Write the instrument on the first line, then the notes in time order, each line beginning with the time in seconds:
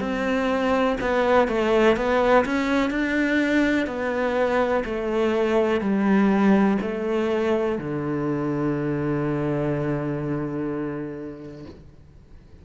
cello
0.00 C4
1.01 B3
1.48 A3
1.96 B3
2.45 C#4
2.90 D4
3.87 B3
4.85 A3
5.81 G3
6.82 A3
7.78 D3